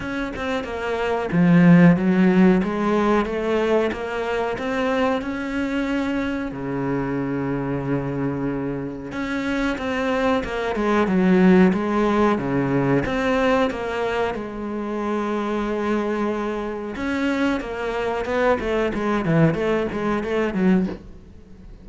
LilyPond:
\new Staff \with { instrumentName = "cello" } { \time 4/4 \tempo 4 = 92 cis'8 c'8 ais4 f4 fis4 | gis4 a4 ais4 c'4 | cis'2 cis2~ | cis2 cis'4 c'4 |
ais8 gis8 fis4 gis4 cis4 | c'4 ais4 gis2~ | gis2 cis'4 ais4 | b8 a8 gis8 e8 a8 gis8 a8 fis8 | }